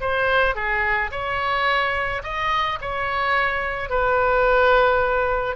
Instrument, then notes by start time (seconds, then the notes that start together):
oboe
0.00 C5
0.55 G#4
1.11 C#5
2.23 D#5
2.81 C#5
3.89 B4